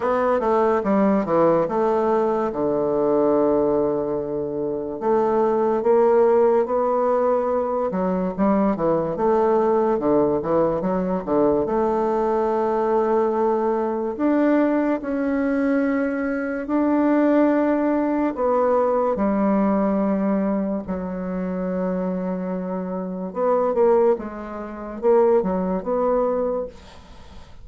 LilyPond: \new Staff \with { instrumentName = "bassoon" } { \time 4/4 \tempo 4 = 72 b8 a8 g8 e8 a4 d4~ | d2 a4 ais4 | b4. fis8 g8 e8 a4 | d8 e8 fis8 d8 a2~ |
a4 d'4 cis'2 | d'2 b4 g4~ | g4 fis2. | b8 ais8 gis4 ais8 fis8 b4 | }